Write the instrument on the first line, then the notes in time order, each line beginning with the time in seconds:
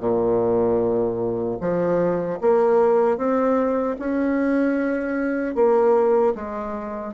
bassoon
0.00 A#2
1.61 F3
2.41 A#3
3.18 C4
3.99 C#4
5.55 A#3
6.35 G#3